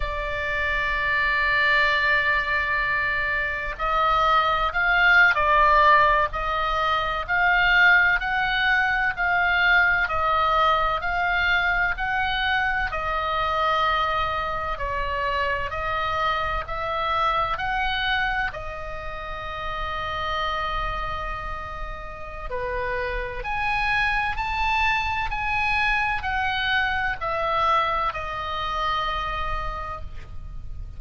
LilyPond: \new Staff \with { instrumentName = "oboe" } { \time 4/4 \tempo 4 = 64 d''1 | dis''4 f''8. d''4 dis''4 f''16~ | f''8. fis''4 f''4 dis''4 f''16~ | f''8. fis''4 dis''2 cis''16~ |
cis''8. dis''4 e''4 fis''4 dis''16~ | dis''1 | b'4 gis''4 a''4 gis''4 | fis''4 e''4 dis''2 | }